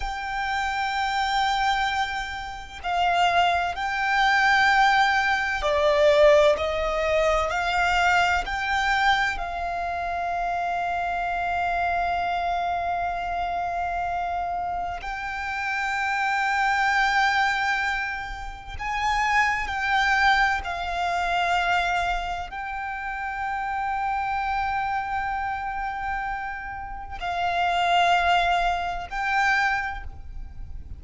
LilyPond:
\new Staff \with { instrumentName = "violin" } { \time 4/4 \tempo 4 = 64 g''2. f''4 | g''2 d''4 dis''4 | f''4 g''4 f''2~ | f''1 |
g''1 | gis''4 g''4 f''2 | g''1~ | g''4 f''2 g''4 | }